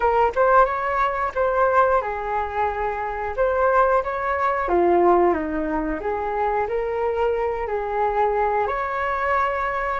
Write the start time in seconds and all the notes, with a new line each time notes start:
0.00 A#4
0.35 C5
0.65 C#5
1.35 C5
2.01 G#4
3.36 C5
4.03 C#5
4.68 F4
5.33 D#4
6.00 G#4
6.68 A#4
7.67 G#4
8.67 C#5